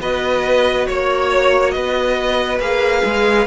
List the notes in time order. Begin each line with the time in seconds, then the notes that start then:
0.00 B3 F#4 B4 D#5
0.87 A#3 C#5
1.71 B3 B4 D#5
2.59 A#3 G#4 F5
3.05 G#3